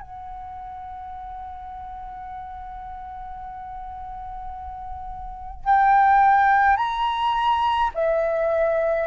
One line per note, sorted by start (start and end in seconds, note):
0.00 5.64 F#5
5.64 6.77 G5
6.77 7.90 A#5
7.94 9.07 E5